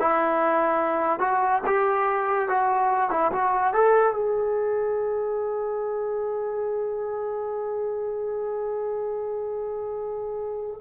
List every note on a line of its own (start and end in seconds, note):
0.00 1.20 E4
1.20 1.61 F#4
1.66 2.48 G4
2.48 3.11 F#4
3.11 3.31 E4
3.32 3.73 F#4
3.73 4.13 A4
4.13 10.80 G#4